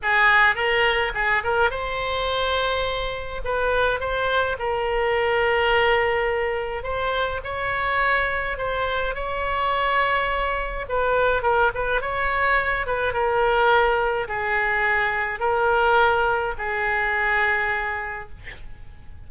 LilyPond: \new Staff \with { instrumentName = "oboe" } { \time 4/4 \tempo 4 = 105 gis'4 ais'4 gis'8 ais'8 c''4~ | c''2 b'4 c''4 | ais'1 | c''4 cis''2 c''4 |
cis''2. b'4 | ais'8 b'8 cis''4. b'8 ais'4~ | ais'4 gis'2 ais'4~ | ais'4 gis'2. | }